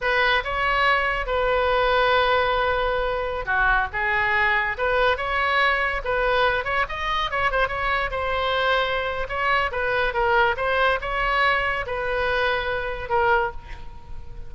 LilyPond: \new Staff \with { instrumentName = "oboe" } { \time 4/4 \tempo 4 = 142 b'4 cis''2 b'4~ | b'1~ | b'16 fis'4 gis'2 b'8.~ | b'16 cis''2 b'4. cis''16~ |
cis''16 dis''4 cis''8 c''8 cis''4 c''8.~ | c''2 cis''4 b'4 | ais'4 c''4 cis''2 | b'2. ais'4 | }